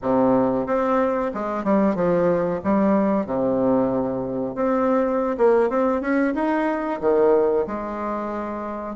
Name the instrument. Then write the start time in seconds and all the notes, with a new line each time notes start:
bassoon
0.02 C3
0.66 C4
1.34 G#3
1.64 G3
1.95 F3
2.64 G3
3.25 C3
4.55 C4
5.37 A#3
5.69 C4
6.01 C#4
6.34 D#4
7.00 D#3
7.66 G#3